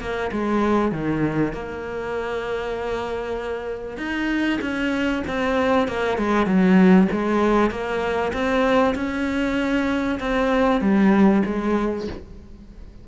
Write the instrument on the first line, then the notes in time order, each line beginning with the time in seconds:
cello
0.00 A#3
0.32 G#3
0.91 D#3
1.53 A#3
3.97 D#4
4.61 C#4
5.27 C4
5.87 A#3
6.18 G#3
6.46 F#3
7.12 G#3
7.70 A#3
8.33 C4
8.95 C#4
10.20 C4
10.81 G3
11.45 G#3